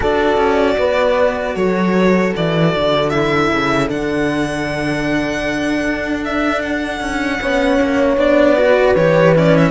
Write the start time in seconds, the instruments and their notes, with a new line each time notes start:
0.00 cello D4 F#4, horn A4, violin D5
0.37 cello C#4
0.77 cello B3, horn B4
1.54 cello F#3, horn A4, violin C#5
2.36 cello E3, violin D5
2.75 cello D3
3.09 cello E4, violin E5
3.52 cello C#3
3.88 cello D3 D4, violin F#5
5.84 cello D4
6.24 violin E5
6.62 violin F#5
7.00 cello C#4
7.40 cello B3 C#4, horn C#5
7.81 cello A#3
8.16 cello B3 D4, violin D5
8.56 cello F#4, horn B4
8.95 cello E3 G4, violin C#5
9.35 cello C#4, violin D5
9.57 violin E5